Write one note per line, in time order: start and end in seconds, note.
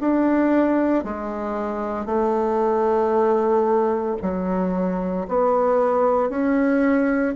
0.00 1.04 D4
1.04 2.06 G#3
2.06 4.16 A3
4.22 5.27 F#3
5.28 6.30 B3
6.30 7.35 C#4